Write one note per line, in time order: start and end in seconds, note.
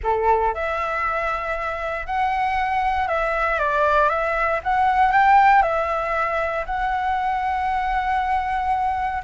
0.03 0.54 A4
0.54 2.06 E5
2.06 3.07 F#5
3.07 3.59 E5
3.59 4.09 D5
4.09 4.60 E5
4.63 5.11 F#5
5.11 5.62 G5
5.62 6.65 E5
6.65 9.22 F#5